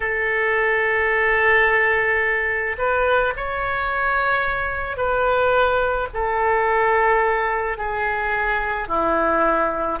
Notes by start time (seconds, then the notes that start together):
0.00 A4
2.78 B4
3.36 C#5
4.96 B4
6.13 A4
7.77 G#4
8.87 E4